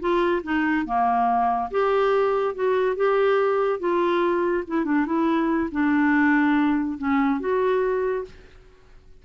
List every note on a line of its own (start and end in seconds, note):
0.00 0.42 F4
0.43 0.86 D#4
0.86 1.70 A#3
1.71 2.55 G4
2.55 2.96 F#4
2.96 3.80 G4
3.80 4.64 F4
4.67 4.85 E4
4.85 5.06 D4
5.06 5.70 E4
5.72 6.98 D4
6.98 7.40 C#4
7.40 8.25 F#4